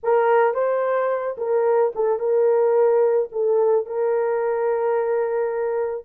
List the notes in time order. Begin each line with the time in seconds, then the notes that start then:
0.03 A#4
0.54 C5
1.37 A#4
1.95 A4
2.19 A#4
3.32 A4
3.86 A#4